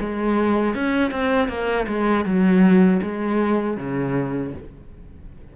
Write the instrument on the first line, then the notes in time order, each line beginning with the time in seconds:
cello
0.00 G#3
0.75 C#4
1.11 C4
1.48 A#3
1.87 G#3
2.25 F#3
3.02 G#3
3.77 C#3